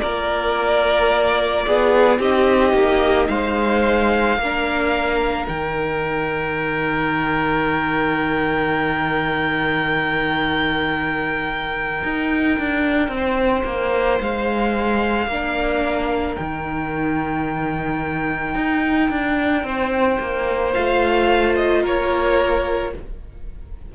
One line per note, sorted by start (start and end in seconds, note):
0.00 1.66 A#3
0.00 2.21 F4
0.00 1.65 A#4
0.00 2.18 D5
1.66 2.18 B3
1.66 2.19 G#4
2.18 2.73 C4
2.18 4.39 D#4
2.18 3.28 G4
2.18 3.27 D#5
2.73 3.27 A#3
3.27 4.37 G#3
3.27 4.38 C5
3.27 5.45 F5
4.37 5.46 A#3
4.37 5.50 D4
4.37 13.15 A#4
5.48 12.02 D#3
5.48 15.31 D#4
5.48 14.21 G5
12.03 12.58 D#4
12.58 13.08 D4
13.08 13.62 C4
13.15 15.29 C5
13.65 14.19 A#3
14.20 15.26 G#3
14.20 16.35 F5
15.26 16.35 A#3
15.26 16.37 D4
15.26 19.65 A#4
16.35 18.55 D#3
16.35 20.74 D#4
16.35 20.72 G5
18.55 19.09 D#4
19.10 19.63 D4
19.63 20.17 C4
19.63 21.82 C5
20.20 20.74 A#3
20.73 21.84 A3
20.73 22.92 F4
20.73 21.55 F5
21.56 21.83 D#5
21.82 22.93 A#3
21.82 22.91 A#4
21.82 22.95 C#5